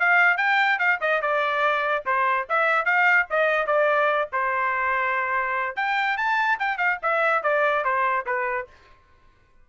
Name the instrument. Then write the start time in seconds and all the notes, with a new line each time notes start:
trumpet
0.00 F5
0.38 G5
0.79 F5
1.01 D#5
1.22 D5
2.06 C5
2.49 E5
2.86 F5
3.30 D#5
3.67 D5
4.33 C5
5.76 G5
6.17 A5
6.59 G5
6.78 F5
7.03 E5
7.43 D5
7.85 C5
8.26 B4